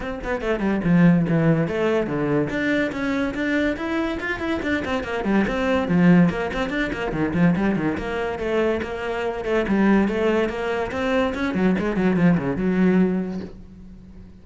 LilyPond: \new Staff \with { instrumentName = "cello" } { \time 4/4 \tempo 4 = 143 c'8 b8 a8 g8 f4 e4 | a4 d4 d'4 cis'4 | d'4 e'4 f'8 e'8 d'8 c'8 | ais8 g8 c'4 f4 ais8 c'8 |
d'8 ais8 dis8 f8 g8 dis8 ais4 | a4 ais4. a8 g4 | a4 ais4 c'4 cis'8 fis8 | gis8 fis8 f8 cis8 fis2 | }